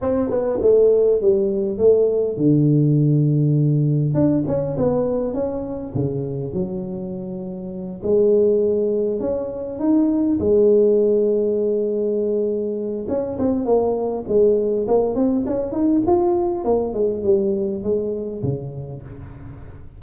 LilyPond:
\new Staff \with { instrumentName = "tuba" } { \time 4/4 \tempo 4 = 101 c'8 b8 a4 g4 a4 | d2. d'8 cis'8 | b4 cis'4 cis4 fis4~ | fis4. gis2 cis'8~ |
cis'8 dis'4 gis2~ gis8~ | gis2 cis'8 c'8 ais4 | gis4 ais8 c'8 cis'8 dis'8 f'4 | ais8 gis8 g4 gis4 cis4 | }